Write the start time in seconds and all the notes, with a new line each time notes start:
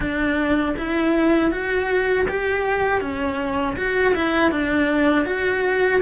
0.00 D4
0.77 E4
1.51 F#4
2.28 G4
3.00 C#4
3.76 F#4
4.14 E4
4.51 D4
5.25 F#4